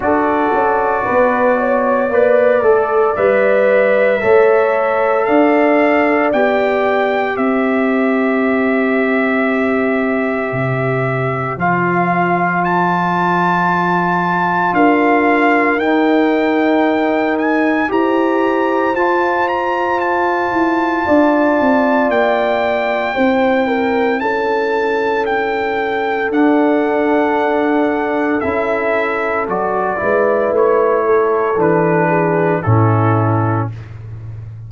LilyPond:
<<
  \new Staff \with { instrumentName = "trumpet" } { \time 4/4 \tempo 4 = 57 d''2. e''4~ | e''4 f''4 g''4 e''4~ | e''2. f''4 | a''2 f''4 g''4~ |
g''8 gis''8 ais''4 a''8 ais''8 a''4~ | a''4 g''2 a''4 | g''4 fis''2 e''4 | d''4 cis''4 b'4 a'4 | }
  \new Staff \with { instrumentName = "horn" } { \time 4/4 a'4 b'8 cis''8 d''2 | cis''4 d''2 c''4~ | c''1~ | c''2 ais'2~ |
ais'4 c''2. | d''2 c''8 ais'8 a'4~ | a'1~ | a'8 b'4 a'4 gis'8 e'4 | }
  \new Staff \with { instrumentName = "trombone" } { \time 4/4 fis'2 b'8 a'8 b'4 | a'2 g'2~ | g'2. f'4~ | f'2. dis'4~ |
dis'4 g'4 f'2~ | f'2 e'2~ | e'4 d'2 e'4 | fis'8 e'4. d'4 cis'4 | }
  \new Staff \with { instrumentName = "tuba" } { \time 4/4 d'8 cis'8 b4 ais8 a8 g4 | a4 d'4 b4 c'4~ | c'2 c4 f4~ | f2 d'4 dis'4~ |
dis'4 e'4 f'4. e'8 | d'8 c'8 ais4 c'4 cis'4~ | cis'4 d'2 cis'4 | fis8 gis8 a4 e4 a,4 | }
>>